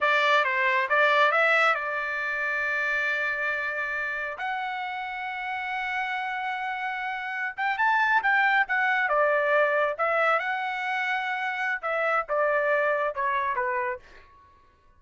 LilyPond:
\new Staff \with { instrumentName = "trumpet" } { \time 4/4 \tempo 4 = 137 d''4 c''4 d''4 e''4 | d''1~ | d''2 fis''2~ | fis''1~ |
fis''4~ fis''16 g''8 a''4 g''4 fis''16~ | fis''8. d''2 e''4 fis''16~ | fis''2. e''4 | d''2 cis''4 b'4 | }